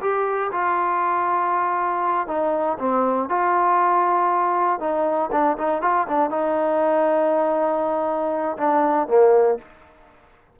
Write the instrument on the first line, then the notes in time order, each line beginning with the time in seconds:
trombone
0.00 G4
0.51 F4
2.27 D#4
2.78 C4
3.29 F4
4.79 D#4
5.31 D4
5.58 D#4
5.81 F4
6.08 D4
6.30 D#4
8.57 D4
9.07 A#3